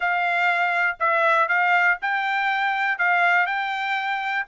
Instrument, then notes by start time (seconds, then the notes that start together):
trumpet
0.00 F5
0.99 E5
1.48 F5
2.01 G5
2.98 F5
3.46 G5